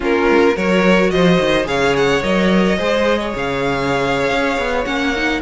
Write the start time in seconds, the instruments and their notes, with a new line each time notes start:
0.00 cello A#3, viola C#4, violin F4 A#4
0.29 cello G#3
0.42 cello A#3
0.55 cello F#3, viola F#4, violin A#4 C#5
1.10 cello F3, violin C5 D#5
1.39 cello D#3
1.64 cello C#3, viola G#4, violin C#5 F5
1.96 violin F#5
2.22 cello F#3, viola A#4, violin D#5
2.78 cello G#3, viola G#4, violin C5
3.18 violin C#5
3.35 cello C#3, violin F5
4.30 cello C#4
4.57 cello B3
4.84 cello A#3, viola C#4, violin F#5
5.16 viola D#4